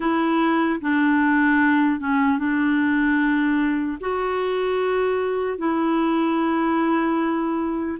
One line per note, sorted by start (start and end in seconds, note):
0.00 0.80 E4
0.81 2.00 D4
2.00 2.38 C#4
2.38 3.98 D4
4.00 5.57 F#4
5.57 7.97 E4